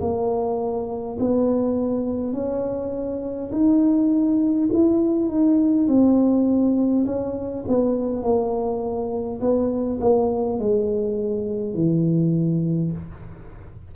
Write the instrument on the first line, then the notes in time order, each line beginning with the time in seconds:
tuba
0.00 A#3
1.20 B3
2.33 C#4
3.52 D#4
4.73 E4
5.28 D#4
5.88 C4
7.06 C#4
7.68 B3
8.22 A#3
9.41 B3
10.01 A#3
10.59 G#3
11.74 E3